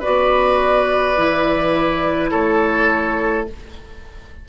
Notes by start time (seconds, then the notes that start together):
0.00 F#4 B4 D5
0.06 B3
1.17 E3 E4
2.31 A3 A4 C#5